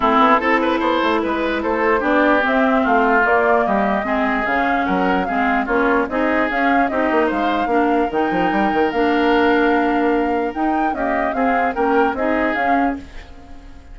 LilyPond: <<
  \new Staff \with { instrumentName = "flute" } { \time 4/4 \tempo 4 = 148 a'2. b'4 | c''4 d''4 e''4 f''4 | d''4 dis''2 f''4 | fis''4 f''4 cis''4 dis''4 |
f''4 dis''4 f''2 | g''2 f''2~ | f''2 g''4 dis''4 | f''4 g''4 dis''4 f''4 | }
  \new Staff \with { instrumentName = "oboe" } { \time 4/4 e'4 a'8 b'8 c''4 b'4 | a'4 g'2 f'4~ | f'4 g'4 gis'2 | ais'4 gis'4 f'4 gis'4~ |
gis'4 g'4 c''4 ais'4~ | ais'1~ | ais'2. g'4 | gis'4 ais'4 gis'2 | }
  \new Staff \with { instrumentName = "clarinet" } { \time 4/4 c'4 e'2.~ | e'4 d'4 c'2 | ais2 c'4 cis'4~ | cis'4 c'4 cis'4 dis'4 |
cis'4 dis'2 d'4 | dis'2 d'2~ | d'2 dis'4 ais4 | c'4 cis'4 dis'4 cis'4 | }
  \new Staff \with { instrumentName = "bassoon" } { \time 4/4 a8 b8 c'4 b8 a8 gis4 | a4 b4 c'4 a4 | ais4 g4 gis4 cis4 | fis4 gis4 ais4 c'4 |
cis'4 c'8 ais8 gis4 ais4 | dis8 f8 g8 dis8 ais2~ | ais2 dis'4 cis'4 | c'4 ais4 c'4 cis'4 | }
>>